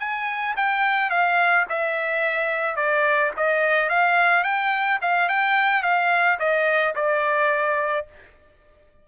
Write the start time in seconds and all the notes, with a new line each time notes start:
0.00 G#5
0.57 G5
1.11 F5
1.70 E5
2.77 D5
3.37 D#5
3.89 F5
4.44 G5
5.02 F5
5.29 G5
5.83 F5
6.40 D#5
6.95 D5